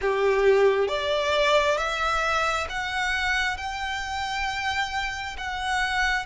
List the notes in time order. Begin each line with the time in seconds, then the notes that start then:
0.01 G4
0.88 D5
1.77 E5
2.69 F#5
3.57 G5
5.37 F#5